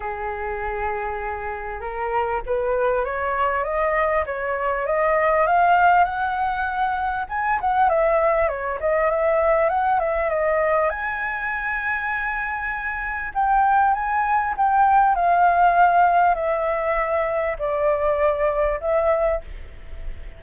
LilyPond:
\new Staff \with { instrumentName = "flute" } { \time 4/4 \tempo 4 = 99 gis'2. ais'4 | b'4 cis''4 dis''4 cis''4 | dis''4 f''4 fis''2 | gis''8 fis''8 e''4 cis''8 dis''8 e''4 |
fis''8 e''8 dis''4 gis''2~ | gis''2 g''4 gis''4 | g''4 f''2 e''4~ | e''4 d''2 e''4 | }